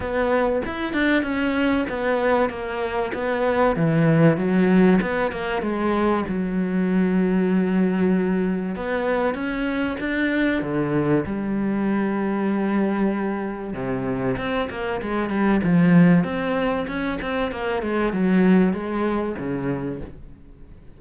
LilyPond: \new Staff \with { instrumentName = "cello" } { \time 4/4 \tempo 4 = 96 b4 e'8 d'8 cis'4 b4 | ais4 b4 e4 fis4 | b8 ais8 gis4 fis2~ | fis2 b4 cis'4 |
d'4 d4 g2~ | g2 c4 c'8 ais8 | gis8 g8 f4 c'4 cis'8 c'8 | ais8 gis8 fis4 gis4 cis4 | }